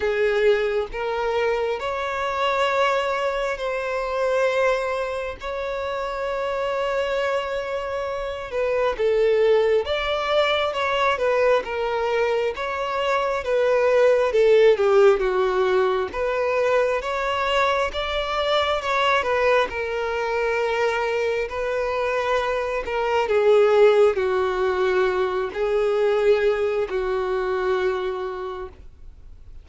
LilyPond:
\new Staff \with { instrumentName = "violin" } { \time 4/4 \tempo 4 = 67 gis'4 ais'4 cis''2 | c''2 cis''2~ | cis''4. b'8 a'4 d''4 | cis''8 b'8 ais'4 cis''4 b'4 |
a'8 g'8 fis'4 b'4 cis''4 | d''4 cis''8 b'8 ais'2 | b'4. ais'8 gis'4 fis'4~ | fis'8 gis'4. fis'2 | }